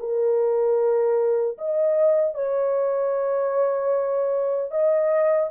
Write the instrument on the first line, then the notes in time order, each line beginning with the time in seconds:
horn
0.00 A#4
1.58 D#5
2.35 C#5
4.71 D#5